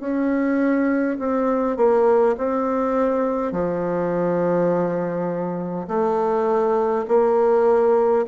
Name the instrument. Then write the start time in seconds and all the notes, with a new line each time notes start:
bassoon
0.00 C#4
1.19 C4
1.76 A#3
2.37 C4
3.52 F3
5.87 A3
7.08 A#3